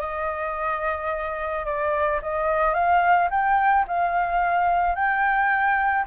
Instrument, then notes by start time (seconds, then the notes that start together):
flute
0.00 D#5
1.65 D5
2.22 D#5
2.74 F5
3.31 G5
3.88 F5
4.95 G5